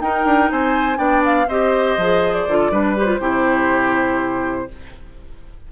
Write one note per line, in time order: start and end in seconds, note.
0.00 0.24 D#4
0.00 0.96 D#4
0.00 0.51 A#4
0.00 0.50 G5
0.24 0.49 D4
0.51 0.97 C4
0.51 0.98 C5
0.51 0.98 G#5
0.96 1.47 B3
0.96 1.45 D4
0.96 1.47 D5
0.96 1.22 G5
1.24 1.48 F5
1.48 1.97 C4
1.48 1.99 G4
1.48 2.58 C5
1.48 2.33 D#5
1.97 2.46 F3
1.97 2.49 G#4
2.33 2.95 D5
2.47 2.71 D3
2.47 2.72 F4
2.58 2.70 A4
2.71 3.19 G3
2.71 2.96 D4
2.71 3.20 B4
2.97 3.06 G4
2.97 4.72 C5
3.06 3.18 F4
3.19 4.67 C3
3.19 4.68 E4
3.19 4.68 G4